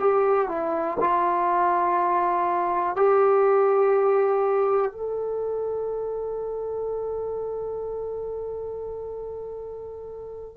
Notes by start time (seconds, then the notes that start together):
0.00 G4
0.49 E4
1.00 F4
2.96 G4
4.92 A4